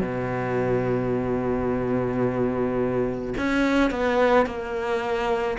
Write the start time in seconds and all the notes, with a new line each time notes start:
0.00 B2
3.37 C#4
3.90 B3
4.46 A#3